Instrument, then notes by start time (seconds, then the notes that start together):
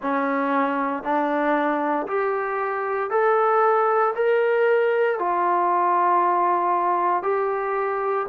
trombone
0.02 C#4
1.03 D4
2.07 G4
3.10 A4
4.15 A#4
5.19 F4
7.22 G4